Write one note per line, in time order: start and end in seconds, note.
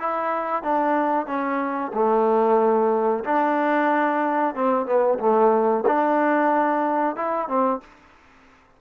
0.00 0.63 E4
0.63 1.27 D4
1.27 1.92 C#4
1.94 3.25 A3
3.25 4.55 D4
4.55 4.86 C4
4.86 5.19 B3
5.19 5.85 A3
5.87 7.17 D4
7.17 7.48 E4
7.48 7.81 C4